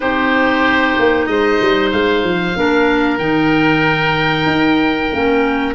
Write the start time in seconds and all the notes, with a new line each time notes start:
0.00 C4 D#4 G4 C5
0.98 A#3
1.26 G#3 C5 D#5
1.61 G3
1.92 G#3 F5
2.23 F3
2.56 A#3 D4 A#4
3.18 D#3 D#4 G5
4.46 D#4
5.11 A#3 C#4